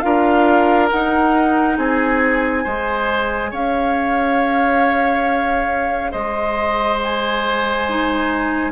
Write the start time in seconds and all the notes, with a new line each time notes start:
0.00 D4 F4 A#4 F5
0.90 D#4 F#5
1.78 C4 G#4 G#5
2.64 G#3 G#4 C5
3.51 C#4 C#5 F5
6.11 G#3 C5 D#5
7.03 G#5
7.89 D#4